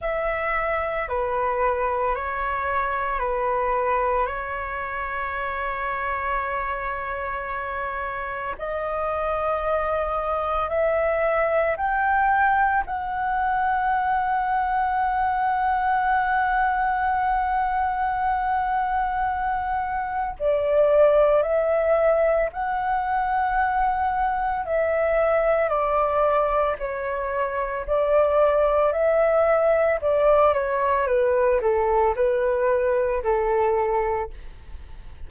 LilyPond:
\new Staff \with { instrumentName = "flute" } { \time 4/4 \tempo 4 = 56 e''4 b'4 cis''4 b'4 | cis''1 | dis''2 e''4 g''4 | fis''1~ |
fis''2. d''4 | e''4 fis''2 e''4 | d''4 cis''4 d''4 e''4 | d''8 cis''8 b'8 a'8 b'4 a'4 | }